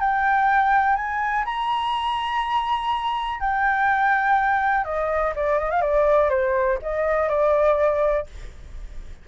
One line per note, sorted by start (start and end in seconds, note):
0.00 0.96 G5
0.96 1.45 G#5
1.45 3.40 A#5
3.40 4.84 G5
4.84 5.33 D#5
5.35 5.59 D5
5.59 5.71 D#5
5.71 5.81 F5
5.81 6.30 D5
6.30 6.78 C5
6.82 7.29 D#5
7.29 8.26 D5